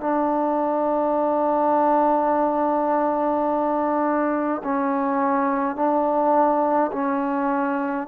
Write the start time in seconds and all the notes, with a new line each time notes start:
0.00 D4
4.64 C#4
5.75 D4
6.92 C#4